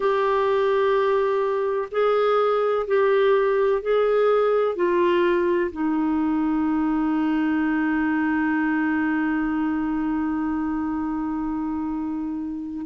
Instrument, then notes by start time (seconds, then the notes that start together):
clarinet
0.00 G4
1.91 G#4
2.87 G4
3.81 G#4
4.75 F4
5.71 D#4